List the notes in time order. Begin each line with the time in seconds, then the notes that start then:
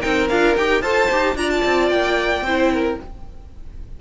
0.00 C4 D#4 A#4 G5
0.29 D4 F4 F5
0.57 D#4 G4 G5
0.82 F4 A4 C5 A5
1.11 D#4 G4
1.35 D4 F4 D5 A#5
1.50 A5
1.65 C4
1.89 A#3 G5
2.41 C4 E4 C5
2.73 A#4